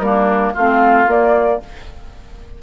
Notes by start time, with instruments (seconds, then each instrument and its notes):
0.00 bassoon G3, clarinet A#3, oboe D4, flute A#4
0.54 bassoon A3, clarinet C4, oboe F4, flute F5
1.07 bassoon A#3, clarinet A#3, flute D5